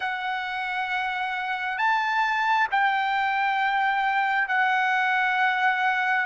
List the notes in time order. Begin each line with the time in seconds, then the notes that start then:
0.00 F#5
1.78 A5
2.71 G5
4.48 F#5